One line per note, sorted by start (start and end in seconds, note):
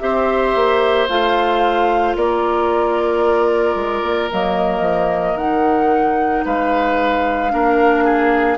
0.00 0.55 C4
0.00 1.07 G4
0.00 2.17 C5
0.00 1.07 E5
0.55 1.08 A#3
1.09 2.16 A3
1.09 4.31 F4
1.09 2.16 F5
2.16 3.75 A#3
2.16 6.45 A#4
2.16 4.31 D5
3.75 4.02 G#3
4.02 4.29 A#3
4.32 4.80 F#3
4.32 5.39 A#3
4.32 5.37 D#5
4.80 5.34 F3
5.34 6.42 D#3
5.34 7.50 D#4
5.34 6.44 F#5
6.45 7.53 G#3
6.45 7.52 B4
6.45 8.58 F5
7.50 8.58 A#3
7.50 8.57 D4
7.50 8.04 A#4
8.04 8.58 G#4